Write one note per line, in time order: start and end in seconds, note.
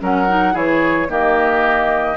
0.00 0.55 F#3
0.00 0.27 C#4
0.00 0.53 A#4
0.00 0.57 F#5
0.28 0.53 D#4
0.53 1.09 E3
0.53 1.07 E4
0.53 1.08 G#4
0.53 1.11 C#5
1.09 2.17 D#3
1.09 2.17 A#3
1.09 2.17 G4
1.09 2.17 D#5